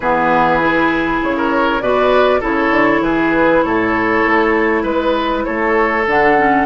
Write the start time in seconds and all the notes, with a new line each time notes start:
0.00 E3 B3 G#4 B4
0.60 E4
1.22 C#3 C#5
1.36 A#4
1.80 B2 F#4 B4 D5
2.40 C#3 E4 A4 C#5
2.70 D3
3.01 E3 G#4 B4
3.62 A2 A4 C#5
4.25 A3
4.82 G#3 B4
5.45 A3 A4 C#5
6.06 D3 D4 F#5
6.37 C#4